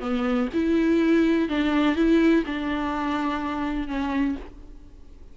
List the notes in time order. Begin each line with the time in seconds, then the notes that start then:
0.00 B3
0.53 E4
1.48 D4
1.95 E4
2.45 D4
3.87 C#4